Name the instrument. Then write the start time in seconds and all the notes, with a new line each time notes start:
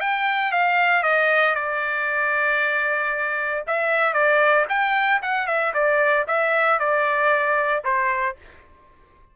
trumpet
0.00 G5
0.52 F5
1.03 D#5
1.55 D5
3.67 E5
4.13 D5
4.69 G5
5.22 F#5
5.47 E5
5.74 D5
6.27 E5
6.79 D5
7.84 C5